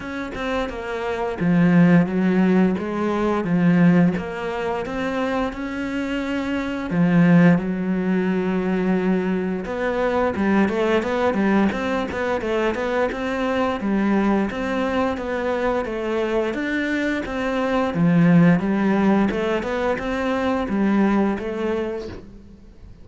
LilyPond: \new Staff \with { instrumentName = "cello" } { \time 4/4 \tempo 4 = 87 cis'8 c'8 ais4 f4 fis4 | gis4 f4 ais4 c'4 | cis'2 f4 fis4~ | fis2 b4 g8 a8 |
b8 g8 c'8 b8 a8 b8 c'4 | g4 c'4 b4 a4 | d'4 c'4 f4 g4 | a8 b8 c'4 g4 a4 | }